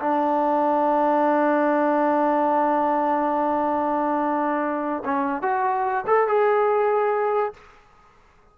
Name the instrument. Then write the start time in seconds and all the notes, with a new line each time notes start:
trombone
0.00 D4
5.05 C#4
5.42 F#4
6.07 A4
6.28 G#4